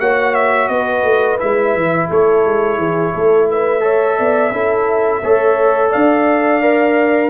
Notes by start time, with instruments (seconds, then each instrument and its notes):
0.00 tuba A#3, trombone F#4, horn C#5, trumpet F#5
0.35 trumpet E5
0.68 tuba B3, horn B4, trumpet D#5
1.04 tuba A3
1.39 tuba G#3, trombone E4, trumpet E5
1.75 tuba E3
2.10 tuba A3, horn A4, trumpet C#5
2.46 tuba G#3
2.78 tuba E3, horn G#4
3.14 tuba A3, horn A4
3.50 horn B4, trumpet E5
3.81 trombone A4, horn C#5
4.18 tuba B3, horn D5
4.52 tuba C#4, trombone E4, horn A4
5.23 tuba A3, trombone A4, horn C#5
5.90 tuba D4, horn D5, trumpet F5
6.62 trombone A#4